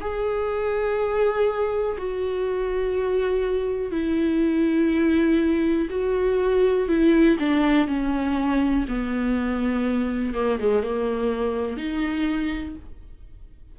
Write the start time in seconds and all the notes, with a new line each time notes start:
0.00 G#4
1.98 F#4
3.91 E4
5.90 F#4
6.88 E4
7.39 D4
7.87 C#4
8.88 B3
10.34 A#3
10.59 G#3
10.83 A#3
11.77 D#4